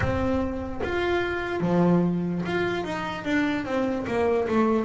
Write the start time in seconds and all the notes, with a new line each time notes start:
0.00 C4
0.83 F4
1.60 F3
2.45 F4
2.84 D#4
3.24 D4
3.65 C4
4.07 A#3
4.48 A3